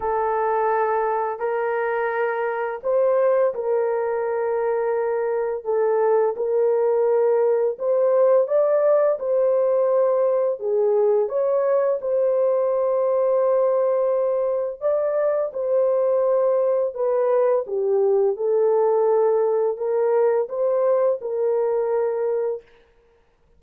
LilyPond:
\new Staff \with { instrumentName = "horn" } { \time 4/4 \tempo 4 = 85 a'2 ais'2 | c''4 ais'2. | a'4 ais'2 c''4 | d''4 c''2 gis'4 |
cis''4 c''2.~ | c''4 d''4 c''2 | b'4 g'4 a'2 | ais'4 c''4 ais'2 | }